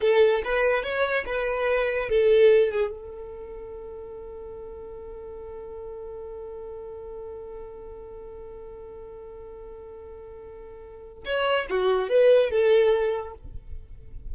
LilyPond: \new Staff \with { instrumentName = "violin" } { \time 4/4 \tempo 4 = 144 a'4 b'4 cis''4 b'4~ | b'4 a'4. gis'8 a'4~ | a'1~ | a'1~ |
a'1~ | a'1~ | a'2. cis''4 | fis'4 b'4 a'2 | }